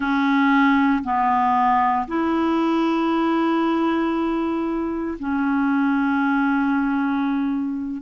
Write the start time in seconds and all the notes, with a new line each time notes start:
0.00 C#4
1.03 B3
2.07 E4
5.19 C#4